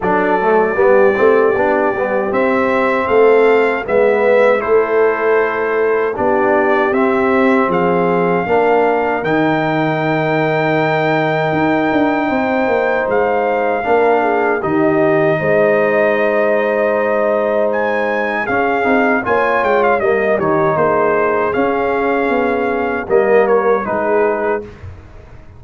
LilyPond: <<
  \new Staff \with { instrumentName = "trumpet" } { \time 4/4 \tempo 4 = 78 d''2. e''4 | f''4 e''4 c''2 | d''4 e''4 f''2 | g''1~ |
g''4 f''2 dis''4~ | dis''2. gis''4 | f''4 gis''8 g''16 f''16 dis''8 cis''8 c''4 | f''2 dis''8 cis''8 b'4 | }
  \new Staff \with { instrumentName = "horn" } { \time 4/4 a'4 g'2. | a'4 b'4 a'2 | g'2 gis'4 ais'4~ | ais'1 |
c''2 ais'8 gis'8 g'4 | c''1 | gis'4 cis''4 dis''8 g'8 gis'4~ | gis'2 ais'4 gis'4 | }
  \new Staff \with { instrumentName = "trombone" } { \time 4/4 d'8 a8 b8 c'8 d'8 b8 c'4~ | c'4 b4 e'2 | d'4 c'2 d'4 | dis'1~ |
dis'2 d'4 dis'4~ | dis'1 | cis'8 dis'8 f'4 ais8 dis'4. | cis'2 ais4 dis'4 | }
  \new Staff \with { instrumentName = "tuba" } { \time 4/4 fis4 g8 a8 b8 g8 c'4 | a4 gis4 a2 | b4 c'4 f4 ais4 | dis2. dis'8 d'8 |
c'8 ais8 gis4 ais4 dis4 | gis1 | cis'8 c'8 ais8 gis8 g8 dis8 ais4 | cis'4 b4 g4 gis4 | }
>>